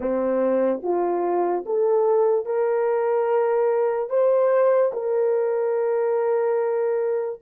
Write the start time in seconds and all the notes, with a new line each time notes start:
0.00 C4
0.82 F4
1.65 A4
2.45 A#4
4.09 C5
4.92 A#4